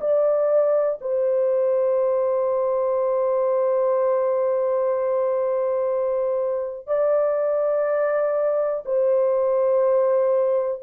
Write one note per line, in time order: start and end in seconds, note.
0.00 0.98 D5
1.01 6.87 C5
6.87 8.83 D5
8.85 10.82 C5